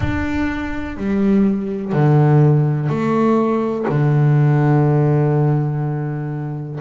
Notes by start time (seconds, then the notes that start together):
0.00 D4
0.96 G3
1.92 D3
2.89 A3
3.88 D3